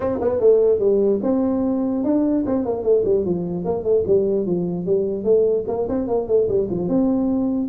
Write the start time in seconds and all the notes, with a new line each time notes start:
0.00 C4
0.20 B3
0.39 A3
0.79 G3
1.23 C4
2.04 D4
2.46 C4
2.65 A#3
2.83 A3
3.04 G3
3.25 F3
3.64 A#3
3.83 A3
4.07 G3
4.46 F3
4.85 G3
5.24 A3
5.67 A#3
5.88 C4
6.07 A#3
6.27 A3
6.48 G3
6.70 F3
6.88 C4